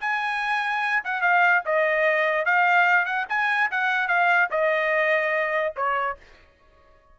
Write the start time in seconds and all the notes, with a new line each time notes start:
0.00 G#5
1.04 F#5
1.21 F5
1.65 D#5
2.45 F5
3.05 F#5
3.29 G#5
3.71 F#5
4.07 F5
4.50 D#5
5.76 C#5